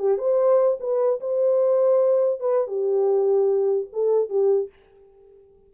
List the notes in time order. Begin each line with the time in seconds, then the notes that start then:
0.00 G4
0.19 C5
0.81 B4
1.21 C5
2.41 B4
2.68 G4
3.93 A4
4.30 G4